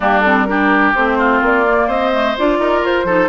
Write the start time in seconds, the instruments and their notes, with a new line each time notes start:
0.00 bassoon G3, clarinet A#3, oboe D4, flute G4
0.19 clarinet C4, flute A4
0.44 clarinet D4, oboe G4, flute A#4
0.94 bassoon A3, clarinet C4, flute C5
1.18 oboe F4
1.41 bassoon A#3, flute D5
1.66 clarinet A#3
1.87 bassoon C4, oboe C5, flute D#5
2.12 clarinet A3
2.38 bassoon D4, clarinet F4, flute D5
2.59 bassoon D#4, oboe A#4
2.81 bassoon F4, flute C5
3.04 bassoon F3, clarinet D#4, oboe A4